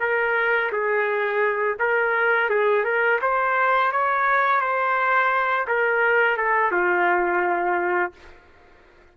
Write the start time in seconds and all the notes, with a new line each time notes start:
0.00 A#4
0.72 G#4
1.79 A#4
2.50 G#4
2.84 A#4
3.21 C5
3.92 C#5
4.60 C5
5.68 A#4
6.37 A4
6.72 F4